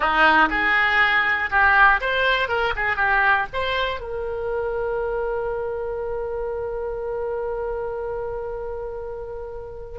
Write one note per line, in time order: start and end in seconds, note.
0.00 0.48 D#4
0.50 1.50 G#4
1.50 2.00 G4
2.00 2.48 C5
2.48 2.73 A#4
2.75 2.96 G#4
2.96 3.46 G4
3.52 4.00 C5
4.00 9.98 A#4